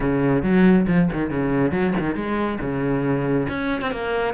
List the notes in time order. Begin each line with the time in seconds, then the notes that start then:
0.00 C#3
0.42 F#3
0.87 F3
1.12 D#3
1.30 C#3
1.71 F#3
1.99 D#3
2.15 G#3
2.60 C#3
3.48 C#4
3.81 C4
3.91 A#3